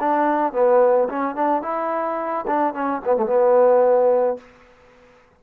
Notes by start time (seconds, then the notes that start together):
0.00 D4
0.53 B3
1.10 C#4
1.36 D4
1.63 E4
2.47 D4
2.74 C#4
3.05 B3
3.17 A3
3.27 B3